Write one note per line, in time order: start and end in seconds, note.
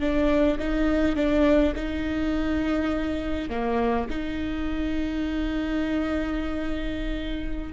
0.00 0.58 D4
0.59 1.16 D#4
1.16 1.74 D4
1.76 3.50 D#4
3.50 4.08 A#3
4.10 7.73 D#4